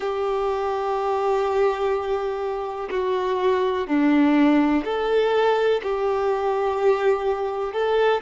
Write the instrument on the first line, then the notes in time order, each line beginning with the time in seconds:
violin
0.00 G4
2.90 F#4
3.87 D4
4.84 A4
5.82 G4
7.72 A4